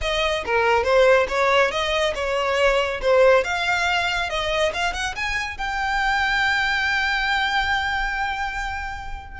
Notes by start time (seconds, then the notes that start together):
0.01 D#5
0.45 A#4
0.83 C5
1.28 C#5
1.71 D#5
2.14 C#5
3.01 C5
3.43 F5
4.29 D#5
4.73 F5
4.93 F#5
5.15 G#5
5.57 G5